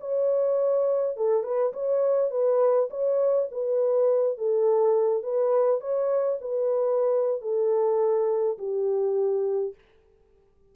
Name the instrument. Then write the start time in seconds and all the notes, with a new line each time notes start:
horn
0.00 C#5
1.16 A4
1.43 B4
1.73 C#5
2.30 B4
2.90 C#5
3.51 B4
4.37 A4
5.23 B4
5.80 C#5
6.41 B4
7.41 A4
8.58 G4